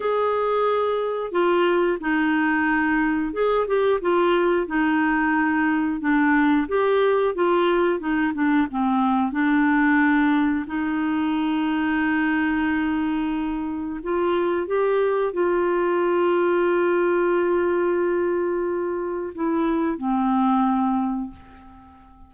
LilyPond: \new Staff \with { instrumentName = "clarinet" } { \time 4/4 \tempo 4 = 90 gis'2 f'4 dis'4~ | dis'4 gis'8 g'8 f'4 dis'4~ | dis'4 d'4 g'4 f'4 | dis'8 d'8 c'4 d'2 |
dis'1~ | dis'4 f'4 g'4 f'4~ | f'1~ | f'4 e'4 c'2 | }